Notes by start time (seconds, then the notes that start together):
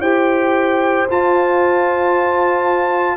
0.00 E4 G4 C5 G5
1.09 F4 A5